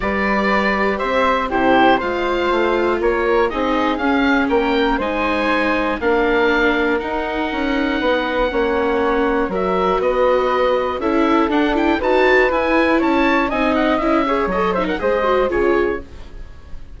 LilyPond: <<
  \new Staff \with { instrumentName = "oboe" } { \time 4/4 \tempo 4 = 120 d''2 e''4 c''4 | f''2 cis''4 dis''4 | f''4 g''4 gis''2 | f''2 fis''2~ |
fis''2. e''4 | dis''2 e''4 fis''8 g''8 | a''4 gis''4 a''4 gis''8 fis''8 | e''4 dis''8 e''16 fis''16 dis''4 cis''4 | }
  \new Staff \with { instrumentName = "flute" } { \time 4/4 b'2 c''4 g'4 | c''2 ais'4 gis'4~ | gis'4 ais'4 c''2 | ais'1 |
b'4 cis''2 ais'4 | b'2 a'2 | b'2 cis''4 dis''4~ | dis''8 cis''4 c''16 ais'16 c''4 gis'4 | }
  \new Staff \with { instrumentName = "viola" } { \time 4/4 g'2. e'4 | f'2. dis'4 | cis'2 dis'2 | d'2 dis'2~ |
dis'4 cis'2 fis'4~ | fis'2 e'4 d'8 e'8 | fis'4 e'2 dis'4 | e'8 gis'8 a'8 dis'8 gis'8 fis'8 f'4 | }
  \new Staff \with { instrumentName = "bassoon" } { \time 4/4 g2 c'4 c4 | gis4 a4 ais4 c'4 | cis'4 ais4 gis2 | ais2 dis'4 cis'4 |
b4 ais2 fis4 | b2 cis'4 d'4 | dis'4 e'4 cis'4 c'4 | cis'4 fis4 gis4 cis4 | }
>>